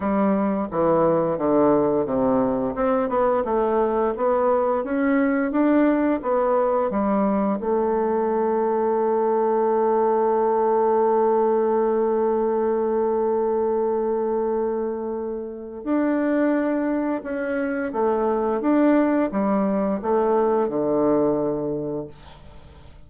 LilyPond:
\new Staff \with { instrumentName = "bassoon" } { \time 4/4 \tempo 4 = 87 g4 e4 d4 c4 | c'8 b8 a4 b4 cis'4 | d'4 b4 g4 a4~ | a1~ |
a1~ | a2. d'4~ | d'4 cis'4 a4 d'4 | g4 a4 d2 | }